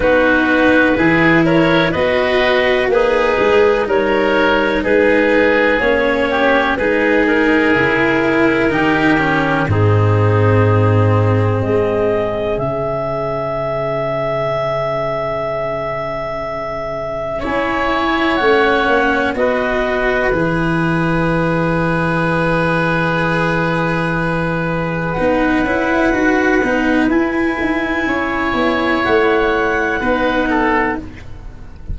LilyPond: <<
  \new Staff \with { instrumentName = "clarinet" } { \time 4/4 \tempo 4 = 62 b'4. cis''8 dis''4 b'4 | cis''4 b'4 cis''4 b'8 ais'8~ | ais'2 gis'2 | dis''4 e''2.~ |
e''2 gis''4 fis''4 | dis''4 e''2.~ | e''2 fis''2 | gis''2 fis''2 | }
  \new Staff \with { instrumentName = "oboe" } { \time 4/4 fis'4 gis'8 ais'8 b'4 dis'4 | ais'4 gis'4. g'8 gis'4~ | gis'4 g'4 dis'2 | gis'1~ |
gis'2 cis''2 | b'1~ | b'1~ | b'4 cis''2 b'8 a'8 | }
  \new Staff \with { instrumentName = "cello" } { \time 4/4 dis'4 e'4 fis'4 gis'4 | dis'2 cis'4 dis'4 | e'4 dis'8 cis'8 c'2~ | c'4 cis'2.~ |
cis'2 e'4 cis'4 | fis'4 gis'2.~ | gis'2 dis'8 e'8 fis'8 dis'8 | e'2. dis'4 | }
  \new Staff \with { instrumentName = "tuba" } { \time 4/4 b4 e4 b4 ais8 gis8 | g4 gis4 ais4 gis4 | cis4 dis4 gis,2 | gis4 cis2.~ |
cis2 cis'4 a8 ais8 | b4 e2.~ | e2 b8 cis'8 dis'8 b8 | e'8 dis'8 cis'8 b8 a4 b4 | }
>>